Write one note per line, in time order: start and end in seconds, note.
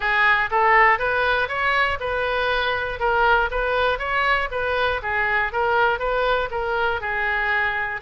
0.00 0.50 G#4
0.50 0.98 A4
0.98 1.48 B4
1.48 1.98 C#5
2.00 2.99 B4
2.99 3.49 A#4
3.50 3.98 B4
3.98 4.48 C#5
4.51 5.01 B4
5.02 5.52 G#4
5.52 5.99 A#4
5.99 6.49 B4
6.50 7.00 A#4
7.00 8.00 G#4